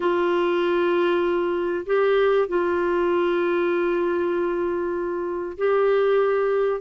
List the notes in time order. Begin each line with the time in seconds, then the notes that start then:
0.00 F4
1.86 G4
2.47 F4
5.57 G4